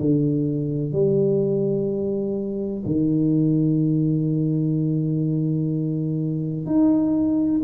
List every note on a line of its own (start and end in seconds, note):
0.00 0.93 D3
0.93 2.83 G3
2.86 6.66 D#3
6.66 7.61 D#4